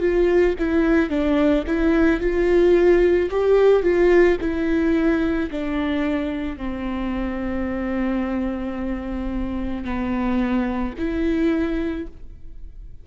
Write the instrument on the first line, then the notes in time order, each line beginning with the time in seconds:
viola
0.00 F4
0.59 E4
1.09 D4
1.67 E4
2.20 F4
3.30 G4
3.82 F4
4.40 E4
5.50 D4
6.57 C4
9.84 B3
10.97 E4